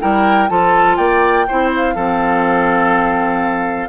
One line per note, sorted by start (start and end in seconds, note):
0.00 0.49 G3
0.00 0.48 E4
0.00 0.49 A#4
0.00 0.49 G5
0.48 0.97 F3
0.48 1.46 F4
0.48 0.97 A4
0.48 0.96 A5
0.96 1.46 A#3
0.96 1.46 D5
0.96 1.69 G5
1.47 1.95 C4
1.47 1.96 E4
1.47 1.95 C5
1.75 3.88 F5
1.95 3.88 F3
1.95 3.88 C4
1.95 3.88 A4